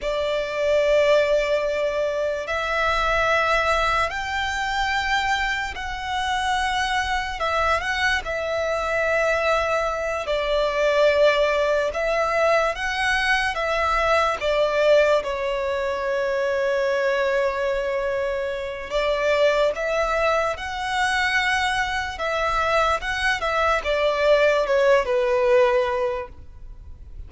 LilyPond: \new Staff \with { instrumentName = "violin" } { \time 4/4 \tempo 4 = 73 d''2. e''4~ | e''4 g''2 fis''4~ | fis''4 e''8 fis''8 e''2~ | e''8 d''2 e''4 fis''8~ |
fis''8 e''4 d''4 cis''4.~ | cis''2. d''4 | e''4 fis''2 e''4 | fis''8 e''8 d''4 cis''8 b'4. | }